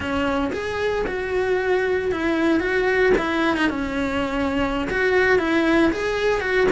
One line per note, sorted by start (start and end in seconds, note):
0.00 0.50 C#4
0.52 1.05 G#4
1.06 2.11 F#4
2.11 2.60 E4
2.60 3.12 F#4
3.17 3.56 E4
3.56 3.69 D#4
3.69 4.88 C#4
4.89 5.39 F#4
5.39 5.91 E4
5.92 6.41 G#4
6.41 6.67 F#4